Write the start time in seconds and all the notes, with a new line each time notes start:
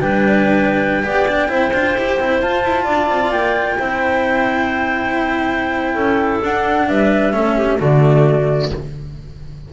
0.00 G3 D4 B4 G5
1.03 B3 G4 D5
1.28 D4
1.48 C4 E4 C5
1.73 D4 F4
1.94 E4 G4
2.19 C4 E4
2.41 F4 A5
2.63 E4
2.84 D4 D5
3.09 C4
3.31 A#3 G5
3.79 C4 E4 C5
5.94 C#4 A4
6.42 D4 F#5
6.88 G3 B4 E5
7.33 A3 C#4 A4
7.57 G4
7.78 D3 A3 F#4 D5